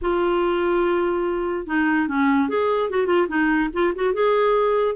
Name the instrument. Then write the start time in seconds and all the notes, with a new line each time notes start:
clarinet
0.01 F4
1.66 D#4
2.08 C#4
2.48 G#4
2.90 F#4
3.06 F4
3.28 D#4
3.73 F4
3.95 F#4
4.13 G#4